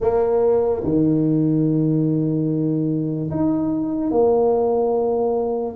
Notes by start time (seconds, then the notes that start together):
0.00 A#3
0.83 D#3
3.31 D#4
4.11 A#3